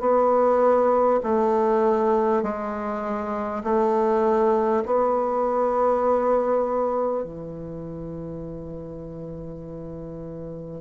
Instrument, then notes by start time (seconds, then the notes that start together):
bassoon
0.00 B3
1.23 A3
2.42 G#3
3.63 A3
4.85 B3
7.23 E3